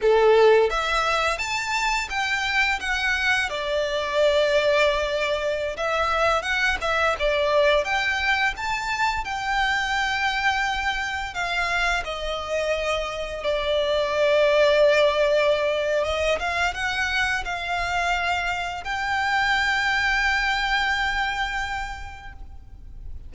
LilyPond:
\new Staff \with { instrumentName = "violin" } { \time 4/4 \tempo 4 = 86 a'4 e''4 a''4 g''4 | fis''4 d''2.~ | d''16 e''4 fis''8 e''8 d''4 g''8.~ | g''16 a''4 g''2~ g''8.~ |
g''16 f''4 dis''2 d''8.~ | d''2. dis''8 f''8 | fis''4 f''2 g''4~ | g''1 | }